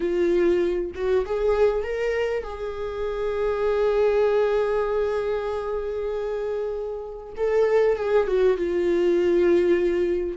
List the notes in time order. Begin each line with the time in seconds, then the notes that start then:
0.00 F4
0.94 F#4
1.25 G#4
1.83 A#4
2.43 G#4
7.36 A4
7.96 G#4
8.27 F#4
8.57 F4